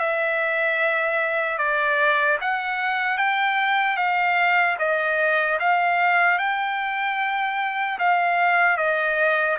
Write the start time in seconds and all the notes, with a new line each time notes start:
0.00 E5
1.58 D5
2.41 F#5
3.17 G5
3.97 F5
4.79 D#5
5.60 F5
6.39 G5
7.99 F5
8.77 D#5